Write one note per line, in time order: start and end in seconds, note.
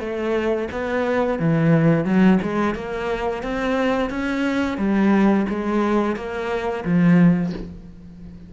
0.00 0.68 A3
0.72 1.39 B3
1.39 2.05 E3
2.05 2.39 F#3
2.42 2.75 G#3
2.75 3.43 A#3
3.43 4.10 C4
4.10 4.78 C#4
4.78 5.46 G3
5.49 6.16 G#3
6.16 6.84 A#3
6.85 7.53 F3